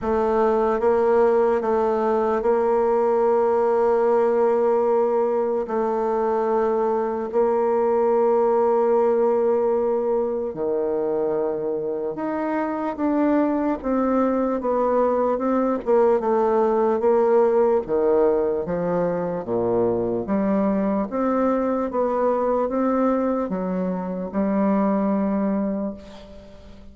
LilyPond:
\new Staff \with { instrumentName = "bassoon" } { \time 4/4 \tempo 4 = 74 a4 ais4 a4 ais4~ | ais2. a4~ | a4 ais2.~ | ais4 dis2 dis'4 |
d'4 c'4 b4 c'8 ais8 | a4 ais4 dis4 f4 | ais,4 g4 c'4 b4 | c'4 fis4 g2 | }